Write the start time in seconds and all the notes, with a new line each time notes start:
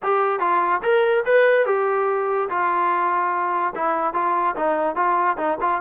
0.02 G4
0.39 F4
0.82 A#4
1.25 B4
1.66 G4
2.49 F4
3.75 E4
4.13 F4
4.56 D#4
4.95 F4
5.37 D#4
5.60 F4